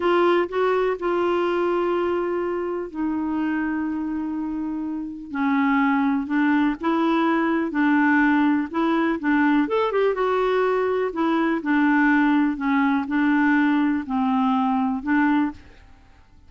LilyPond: \new Staff \with { instrumentName = "clarinet" } { \time 4/4 \tempo 4 = 124 f'4 fis'4 f'2~ | f'2 dis'2~ | dis'2. cis'4~ | cis'4 d'4 e'2 |
d'2 e'4 d'4 | a'8 g'8 fis'2 e'4 | d'2 cis'4 d'4~ | d'4 c'2 d'4 | }